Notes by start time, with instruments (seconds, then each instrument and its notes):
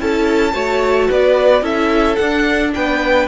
0.00 cello C#4, viola E4, violin A4 A5
0.53 cello A3, viola F#4, violin C#5
1.09 cello B3, violin B4 D5
1.62 cello C#4, viola E4, violin A4 E5
2.16 cello D4, viola D4, violin F#5
2.75 cello B3, violin B4 G5